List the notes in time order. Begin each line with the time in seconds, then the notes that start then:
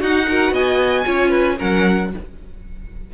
0.00 D#4 F#4 F#5
0.27 F#4 A#4
0.52 B3 D#5 G#5
1.04 C#4 F4 C#5
1.29 B4
1.58 F#3 C#4 A#4 F#5